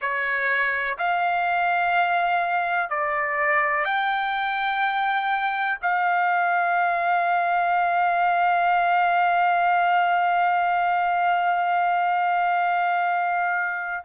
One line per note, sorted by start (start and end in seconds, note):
0.00 0.97 C#5
0.98 2.89 F5
2.89 3.84 D5
3.84 5.78 G5
5.82 14.04 F5